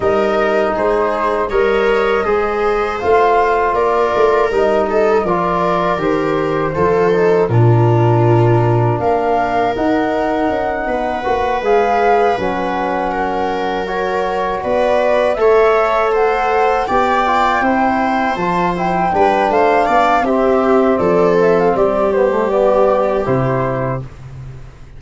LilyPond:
<<
  \new Staff \with { instrumentName = "flute" } { \time 4/4 \tempo 4 = 80 dis''4 c''4 dis''2 | f''4 d''4 dis''4 d''4 | c''2 ais'2 | f''4 fis''2~ fis''8 f''8~ |
f''8 fis''2 cis''4 d''8~ | d''8 e''4 fis''4 g''4.~ | g''8 a''8 g''4 f''4 e''4 | d''8 e''16 f''16 d''8 c''8 d''4 c''4 | }
  \new Staff \with { instrumentName = "viola" } { \time 4/4 ais'4 gis'4 cis''4 c''4~ | c''4 ais'4. a'8 ais'4~ | ais'4 a'4 f'2 | ais'2~ ais'8 b'4.~ |
b'4. ais'2 b'8~ | b'8 cis''4 c''4 d''4 c''8~ | c''4. b'8 c''8 d''8 g'4 | a'4 g'2. | }
  \new Staff \with { instrumentName = "trombone" } { \time 4/4 dis'2 ais'4 gis'4 | f'2 dis'4 f'4 | g'4 f'8 dis'8 d'2~ | d'4 dis'2 fis'8 gis'8~ |
gis'8 cis'2 fis'4.~ | fis'8 a'2 g'8 f'8 e'8~ | e'8 f'8 e'8 d'4. c'4~ | c'4. b16 a16 b4 e'4 | }
  \new Staff \with { instrumentName = "tuba" } { \time 4/4 g4 gis4 g4 gis4 | a4 ais8 a8 g4 f4 | dis4 f4 ais,2 | ais4 dis'4 cis'8 b8 ais8 gis8~ |
gis8 fis2. b8~ | b8 a2 b4 c'8~ | c'8 f4 g8 a8 b8 c'4 | f4 g2 c4 | }
>>